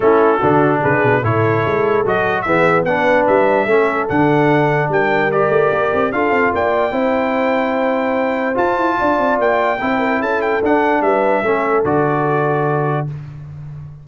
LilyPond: <<
  \new Staff \with { instrumentName = "trumpet" } { \time 4/4 \tempo 4 = 147 a'2 b'4 cis''4~ | cis''4 dis''4 e''4 fis''4 | e''2 fis''2 | g''4 d''2 f''4 |
g''1~ | g''4 a''2 g''4~ | g''4 a''8 g''8 fis''4 e''4~ | e''4 d''2. | }
  \new Staff \with { instrumentName = "horn" } { \time 4/4 e'4 fis'4 gis'4 a'4~ | a'2 gis'4 b'4~ | b'4 a'2. | ais'2. a'4 |
d''4 c''2.~ | c''2 d''2 | c''8 ais'8 a'2 b'4 | a'1 | }
  \new Staff \with { instrumentName = "trombone" } { \time 4/4 cis'4 d'2 e'4~ | e'4 fis'4 b4 d'4~ | d'4 cis'4 d'2~ | d'4 g'2 f'4~ |
f'4 e'2.~ | e'4 f'2. | e'2 d'2 | cis'4 fis'2. | }
  \new Staff \with { instrumentName = "tuba" } { \time 4/4 a4 d4 cis8 b,8 a,4 | gis4 fis4 e4 b4 | g4 a4 d2 | g4. a8 ais8 c'8 d'8 c'8 |
ais4 c'2.~ | c'4 f'8 e'8 d'8 c'8 ais4 | c'4 cis'4 d'4 g4 | a4 d2. | }
>>